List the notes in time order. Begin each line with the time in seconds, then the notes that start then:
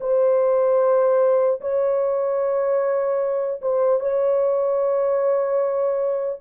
0.00 C5
1.60 C#5
3.61 C5
4.00 C#5